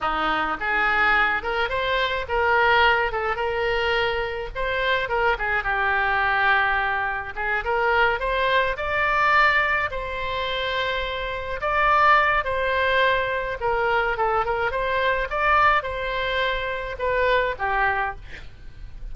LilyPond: \new Staff \with { instrumentName = "oboe" } { \time 4/4 \tempo 4 = 106 dis'4 gis'4. ais'8 c''4 | ais'4. a'8 ais'2 | c''4 ais'8 gis'8 g'2~ | g'4 gis'8 ais'4 c''4 d''8~ |
d''4. c''2~ c''8~ | c''8 d''4. c''2 | ais'4 a'8 ais'8 c''4 d''4 | c''2 b'4 g'4 | }